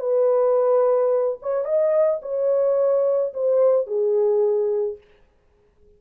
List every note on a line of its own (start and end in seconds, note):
0.00 1.39 B4
1.42 1.65 C#5
1.65 2.21 D#5
2.22 3.34 C#5
3.34 3.87 C5
3.87 4.98 G#4